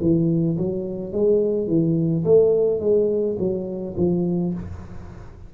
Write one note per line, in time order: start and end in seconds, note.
0.00 0.57 E3
0.58 1.12 F#3
1.12 1.67 G#3
1.67 2.24 E3
2.24 2.80 A3
2.80 3.37 G#3
3.39 3.95 F#3
3.97 4.53 F3